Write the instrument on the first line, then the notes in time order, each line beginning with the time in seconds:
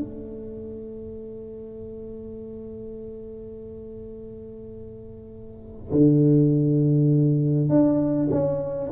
tuba
0.00 A3
5.92 D3
7.70 D4
8.31 C#4